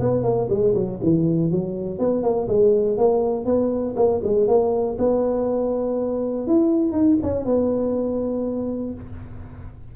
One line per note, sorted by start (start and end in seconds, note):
0.00 0.24 B3
0.24 0.48 A#3
0.50 0.75 G#3
0.75 1.00 F#3
1.03 1.52 E3
1.52 1.99 F#3
1.99 2.23 B3
2.23 2.48 A#3
2.49 2.98 G#3
2.98 3.46 A#3
3.46 3.95 B3
3.96 4.21 A#3
4.24 4.48 G#3
4.48 4.98 A#3
4.99 6.48 B3
6.48 6.93 E4
6.93 7.17 D#4
7.23 7.46 C#4
7.46 8.95 B3